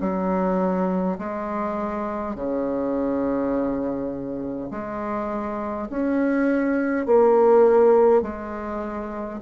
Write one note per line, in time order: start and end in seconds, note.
0.00 1.18 F#3
1.19 2.35 G#3
2.35 4.71 C#3
4.71 5.88 G#3
5.90 7.06 C#4
7.06 8.22 A#3
8.22 9.40 G#3